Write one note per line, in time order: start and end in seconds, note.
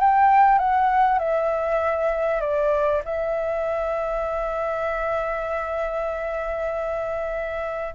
0.00 0.58 G5
0.58 1.19 F#5
1.19 2.41 E5
2.41 3.02 D5
3.05 7.95 E5